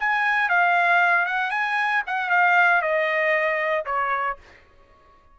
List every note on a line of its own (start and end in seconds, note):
0.00 0.49 G#5
0.49 1.26 F5
1.26 1.51 F#5
1.51 2.03 G#5
2.07 2.30 F#5
2.30 2.82 F5
2.82 3.85 D#5
3.86 4.37 C#5